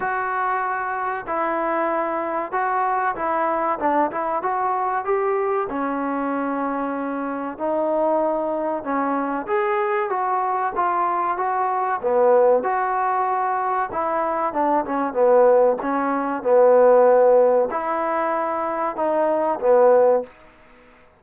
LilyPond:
\new Staff \with { instrumentName = "trombone" } { \time 4/4 \tempo 4 = 95 fis'2 e'2 | fis'4 e'4 d'8 e'8 fis'4 | g'4 cis'2. | dis'2 cis'4 gis'4 |
fis'4 f'4 fis'4 b4 | fis'2 e'4 d'8 cis'8 | b4 cis'4 b2 | e'2 dis'4 b4 | }